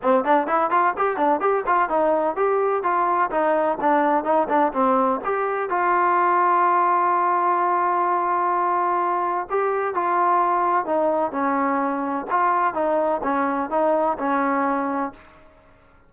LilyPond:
\new Staff \with { instrumentName = "trombone" } { \time 4/4 \tempo 4 = 127 c'8 d'8 e'8 f'8 g'8 d'8 g'8 f'8 | dis'4 g'4 f'4 dis'4 | d'4 dis'8 d'8 c'4 g'4 | f'1~ |
f'1 | g'4 f'2 dis'4 | cis'2 f'4 dis'4 | cis'4 dis'4 cis'2 | }